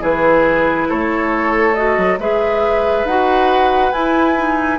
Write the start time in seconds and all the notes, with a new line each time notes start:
0.00 E3 E4 G#4 B4
0.89 A3 A4 C#5
1.75 F#4 D#5
1.98 F#3
2.19 G#3 G#4 B4 E5
3.05 D#4 F#4 F#5
3.92 E4 G#5
4.37 D#4